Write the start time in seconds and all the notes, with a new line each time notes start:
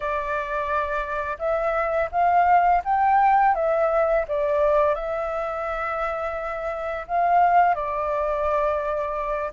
0.00 D5
1.39 E5
2.11 F5
2.84 G5
3.54 E5
4.27 D5
4.94 E5
7.07 F5
7.74 D5